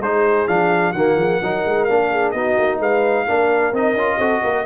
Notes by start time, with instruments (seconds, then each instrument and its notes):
0.00 tuba G#3, trombone D#4, horn G#4, trumpet C5
0.48 tuba F3, trombone D4, trumpet F5
0.93 tuba D#3, trombone A#3, horn F#4, trumpet F#5
1.16 tuba F3, horn G#4
1.42 tuba F#3, trombone D#4, horn A#4
1.65 tuba G#3
1.84 tuba A#3, trombone D4, trumpet F5
2.11 horn G#4
2.31 tuba B3, trombone D#4, horn F#4, trumpet D#5
2.58 tuba A#3
2.79 tuba G#3, horn B4, trumpet F5
3.27 tuba A#3, trombone D4, horn A#4
3.73 tuba C4, trombone D#4, trumpet D#5
3.94 tuba C#4, trombone F4
4.18 tuba C4, trombone F#4, horn A4
4.42 tuba A#3, horn A#4